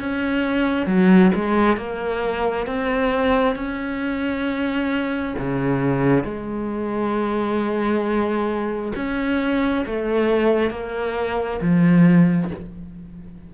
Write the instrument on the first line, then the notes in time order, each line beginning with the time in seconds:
cello
0.00 C#4
0.87 F#3
1.35 G#3
1.77 A#3
2.67 C4
3.56 C#4
5.39 C#3
6.24 G#3
8.96 C#4
9.86 A3
10.71 A#3
11.62 F3